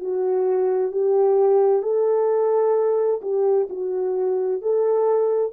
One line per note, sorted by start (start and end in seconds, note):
0.00 0.92 F#4
0.92 1.83 G4
1.83 3.21 A4
3.22 3.68 G4
3.70 4.62 F#4
4.62 5.53 A4